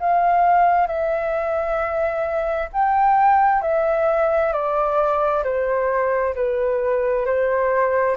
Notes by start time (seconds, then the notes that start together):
0.00 F5
0.87 E5
2.73 G5
3.62 E5
4.52 D5
5.44 C5
6.35 B4
7.26 C5